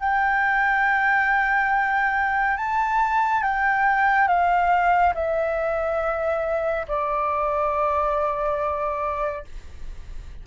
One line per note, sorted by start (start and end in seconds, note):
0.00 2.57 G5
2.57 3.43 A5
3.43 4.28 G5
4.28 5.14 F5
5.15 6.86 E5
6.88 9.45 D5